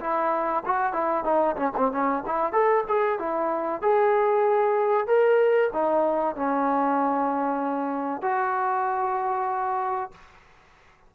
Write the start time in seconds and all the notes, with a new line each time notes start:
0.00 E4
0.65 F#4
0.93 E4
1.24 D#4
1.56 C#4
1.77 C4
1.91 C#4
2.26 E4
2.53 A4
2.88 G#4
3.19 E4
3.82 G#4
5.07 A#4
5.73 D#4
6.35 C#4
8.22 F#4